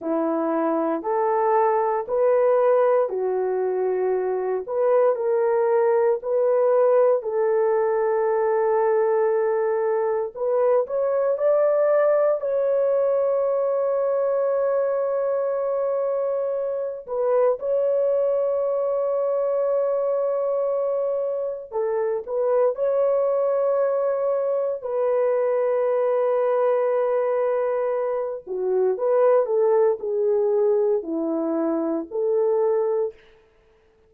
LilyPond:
\new Staff \with { instrumentName = "horn" } { \time 4/4 \tempo 4 = 58 e'4 a'4 b'4 fis'4~ | fis'8 b'8 ais'4 b'4 a'4~ | a'2 b'8 cis''8 d''4 | cis''1~ |
cis''8 b'8 cis''2.~ | cis''4 a'8 b'8 cis''2 | b'2.~ b'8 fis'8 | b'8 a'8 gis'4 e'4 a'4 | }